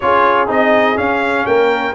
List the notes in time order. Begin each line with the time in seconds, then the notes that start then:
0.00 C#4 F4 G#4 C#5
0.47 C4 D#4 D#5
0.96 C#4 F5
1.46 A#3 A#4 G5